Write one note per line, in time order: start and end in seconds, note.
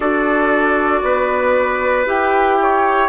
0.00 1.02 D4
0.00 2.05 F#4
0.00 1.02 A4
0.00 2.06 D5
1.02 2.06 B3
1.02 2.59 B4
2.05 3.09 E4
2.05 3.09 G4
2.05 3.09 G5
2.62 3.09 C#5